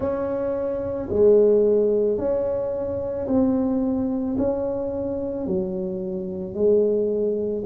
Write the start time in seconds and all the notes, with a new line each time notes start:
0.00 C#4
1.09 G#3
2.18 C#4
3.27 C4
4.38 C#4
5.46 F#3
6.54 G#3